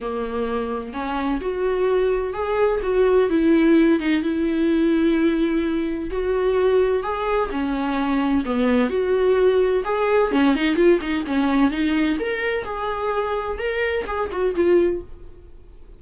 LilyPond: \new Staff \with { instrumentName = "viola" } { \time 4/4 \tempo 4 = 128 ais2 cis'4 fis'4~ | fis'4 gis'4 fis'4 e'4~ | e'8 dis'8 e'2.~ | e'4 fis'2 gis'4 |
cis'2 b4 fis'4~ | fis'4 gis'4 cis'8 dis'8 f'8 dis'8 | cis'4 dis'4 ais'4 gis'4~ | gis'4 ais'4 gis'8 fis'8 f'4 | }